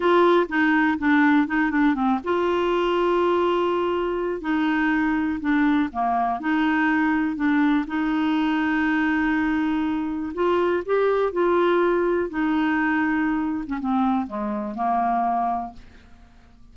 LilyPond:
\new Staff \with { instrumentName = "clarinet" } { \time 4/4 \tempo 4 = 122 f'4 dis'4 d'4 dis'8 d'8 | c'8 f'2.~ f'8~ | f'4 dis'2 d'4 | ais4 dis'2 d'4 |
dis'1~ | dis'4 f'4 g'4 f'4~ | f'4 dis'2~ dis'8. cis'16 | c'4 gis4 ais2 | }